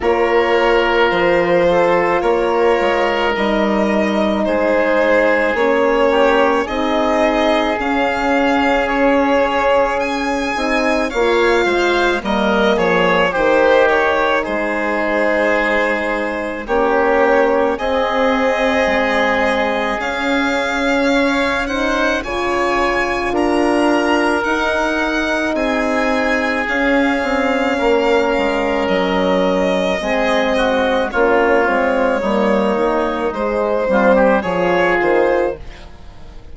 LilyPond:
<<
  \new Staff \with { instrumentName = "violin" } { \time 4/4 \tempo 4 = 54 cis''4 c''4 cis''4 dis''4 | c''4 cis''4 dis''4 f''4 | cis''4 gis''4 f''4 dis''8 cis''8 | c''8 cis''8 c''2 cis''4 |
dis''2 f''4. fis''8 | gis''4 ais''4 fis''4 gis''4 | f''2 dis''2 | cis''2 c''4 cis''8 c''8 | }
  \new Staff \with { instrumentName = "oboe" } { \time 4/4 ais'4. a'8 ais'2 | gis'4. g'8 gis'2~ | gis'2 cis''8 c''8 ais'8 gis'8 | g'4 gis'2 g'4 |
gis'2. cis''8 c''8 | cis''4 ais'2 gis'4~ | gis'4 ais'2 gis'8 fis'8 | f'4 dis'4. f'16 g'16 gis'4 | }
  \new Staff \with { instrumentName = "horn" } { \time 4/4 f'2. dis'4~ | dis'4 cis'4 dis'4 cis'4~ | cis'4. dis'8 f'4 ais4 | dis'2. cis'4 |
c'2 cis'4. dis'8 | f'2 dis'2 | cis'2. c'4 | cis'8 c'8 ais4 gis8 c'8 f'4 | }
  \new Staff \with { instrumentName = "bassoon" } { \time 4/4 ais4 f4 ais8 gis8 g4 | gis4 ais4 c'4 cis'4~ | cis'4. c'8 ais8 gis8 g8 f8 | dis4 gis2 ais4 |
c'4 gis4 cis'2 | cis4 d'4 dis'4 c'4 | cis'8 c'8 ais8 gis8 fis4 gis4 | ais8 gis8 g8 dis8 gis8 g8 f8 dis8 | }
>>